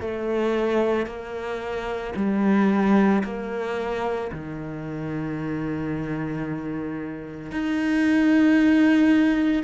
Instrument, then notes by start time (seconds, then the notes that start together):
cello
0.00 A3
1.06 A#3
2.16 G3
3.23 A#3
4.31 D#3
7.51 D#4